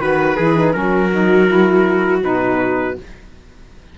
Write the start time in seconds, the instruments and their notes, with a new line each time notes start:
0.00 cello D#3, saxophone F#4, trumpet B4, viola B4
0.37 cello E3, saxophone E4, trumpet G#4
0.56 saxophone D#4
0.73 cello F#3, saxophone C#4, viola F#4, trumpet A#4
1.12 saxophone D#4
1.48 saxophone E4
2.22 cello B2, saxophone D#4, trumpet B4